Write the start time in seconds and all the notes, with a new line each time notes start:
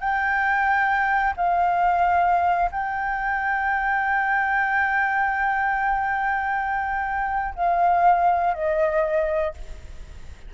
0.00 G5
1.37 F5
2.71 G5
7.55 F5
8.54 D#5